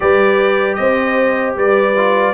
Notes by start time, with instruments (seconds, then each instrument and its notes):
0.00 tuba G3, trombone G4, horn B4, trumpet D5
0.75 tuba C4, horn C5, trumpet D#5
1.56 tuba G3, horn B4, trumpet D5
1.96 trombone F4